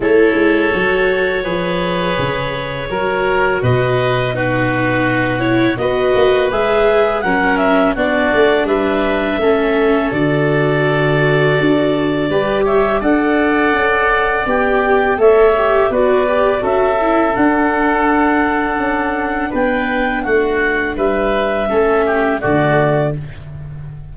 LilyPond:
<<
  \new Staff \with { instrumentName = "clarinet" } { \time 4/4 \tempo 4 = 83 cis''1~ | cis''4 dis''4 b'4. cis''8 | dis''4 e''4 fis''8 e''8 d''4 | e''2 d''2~ |
d''4. e''8 fis''2 | g''4 e''4 d''4 e''4 | fis''2. g''4 | fis''4 e''2 d''4 | }
  \new Staff \with { instrumentName = "oboe" } { \time 4/4 a'2 b'2 | ais'4 b'4 fis'2 | b'2 ais'4 fis'4 | b'4 a'2.~ |
a'4 b'8 cis''8 d''2~ | d''4 cis''4 b'4 a'4~ | a'2. b'4 | fis'4 b'4 a'8 g'8 fis'4 | }
  \new Staff \with { instrumentName = "viola" } { \time 4/4 e'4 fis'4 gis'2 | fis'2 dis'4. e'8 | fis'4 gis'4 cis'4 d'4~ | d'4 cis'4 fis'2~ |
fis'4 g'4 a'2 | g'4 a'8 g'8 fis'8 g'8 fis'8 e'8 | d'1~ | d'2 cis'4 a4 | }
  \new Staff \with { instrumentName = "tuba" } { \time 4/4 a8 gis8 fis4 f4 cis4 | fis4 b,2. | b8 ais8 gis4 fis4 b8 a8 | g4 a4 d2 |
d'4 g4 d'4 cis'4 | b4 a4 b4 cis'4 | d'2 cis'4 b4 | a4 g4 a4 d4 | }
>>